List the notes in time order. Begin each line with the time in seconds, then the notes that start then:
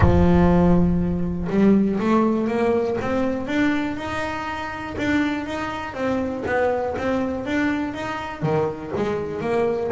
0.00 F3
1.49 G3
1.99 A3
2.47 A#3
3.01 C4
3.47 D4
3.96 D#4
4.97 D4
5.46 D#4
5.94 C4
6.46 B3
6.97 C4
7.45 D4
7.94 D#4
8.42 D#3
8.96 G#3
9.41 A#3